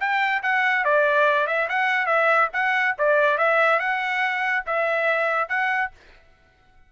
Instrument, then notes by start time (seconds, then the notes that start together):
trumpet
0.00 G5
0.43 F#5
0.85 D5
1.47 E5
1.69 F#5
2.07 E5
2.53 F#5
2.99 D5
3.38 E5
3.80 F#5
4.67 E5
5.49 F#5